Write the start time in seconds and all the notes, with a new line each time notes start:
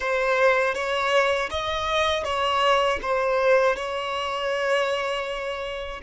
0.00 C5
0.74 C#5
1.50 D#5
2.24 C#5
3.02 C5
3.75 C#5